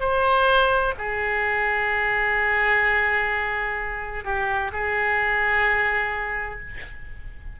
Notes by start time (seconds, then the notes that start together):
0.00 C5
0.98 G#4
4.24 G4
4.72 G#4